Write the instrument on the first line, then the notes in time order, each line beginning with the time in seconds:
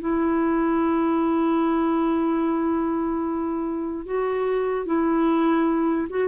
clarinet
0.00 E4
4.05 F#4
4.86 E4
6.10 F#4